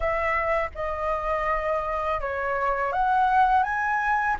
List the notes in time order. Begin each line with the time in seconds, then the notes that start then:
0.00 E5
0.75 D#5
2.21 C#5
2.92 F#5
3.63 G#5